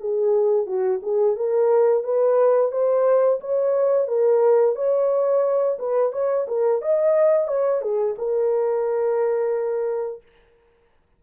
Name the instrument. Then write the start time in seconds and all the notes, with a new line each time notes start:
horn
0.00 G#4
0.66 F#4
1.03 G#4
1.36 A#4
2.04 B4
2.72 C5
3.41 C#5
4.08 A#4
4.76 C#5
5.79 B4
6.13 C#5
6.48 A#4
6.82 D#5
7.48 C#5
7.82 G#4
8.18 A#4